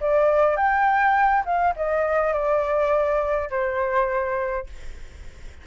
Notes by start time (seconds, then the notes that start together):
0.00 D5
0.56 G5
1.45 F5
1.76 D#5
2.32 D5
3.50 C5